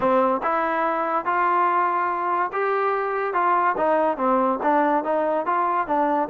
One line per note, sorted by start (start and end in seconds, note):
0.00 0.41 C4
0.42 1.25 E4
1.25 2.51 F4
2.52 3.33 G4
3.33 3.75 F4
3.77 4.17 D#4
4.17 4.59 C4
4.62 5.04 D4
5.04 5.46 D#4
5.46 5.87 F4
5.87 6.29 D4